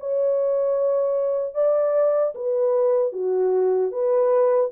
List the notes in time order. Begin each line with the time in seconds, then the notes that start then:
0.00 C#5
1.55 D5
2.35 B4
3.13 F#4
3.92 B4